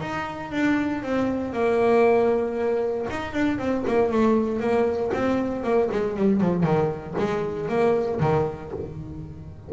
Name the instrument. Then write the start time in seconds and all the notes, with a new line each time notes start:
double bass
0.00 D#4
0.51 D4
1.02 C4
1.52 A#3
3.09 D#4
3.33 D4
3.58 C4
3.86 A#3
4.11 A3
4.59 A#3
5.13 C4
5.63 A#3
5.91 G#3
6.16 G3
6.40 F3
6.63 D#3
7.18 G#3
7.68 A#3
8.20 D#3